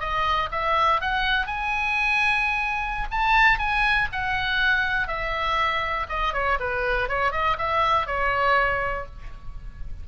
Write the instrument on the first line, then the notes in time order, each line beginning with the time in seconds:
oboe
0.00 D#5
0.51 E5
1.01 F#5
1.47 G#5
3.11 A5
3.59 G#5
4.12 F#5
5.07 E5
6.09 D#5
6.33 C#5
6.60 B4
7.09 C#5
7.32 D#5
7.58 E5
8.07 C#5